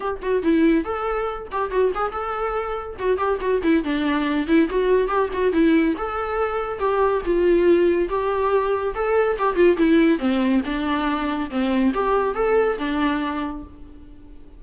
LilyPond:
\new Staff \with { instrumentName = "viola" } { \time 4/4 \tempo 4 = 141 g'8 fis'8 e'4 a'4. g'8 | fis'8 gis'8 a'2 fis'8 g'8 | fis'8 e'8 d'4. e'8 fis'4 | g'8 fis'8 e'4 a'2 |
g'4 f'2 g'4~ | g'4 a'4 g'8 f'8 e'4 | c'4 d'2 c'4 | g'4 a'4 d'2 | }